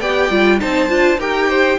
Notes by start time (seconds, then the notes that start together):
0.00 B3 G4 D5 G5
0.30 G3 F4
0.60 C4 D#4 C5 A5
0.89 D4 F4
1.18 D#4 G4 A#4 G5
1.49 C5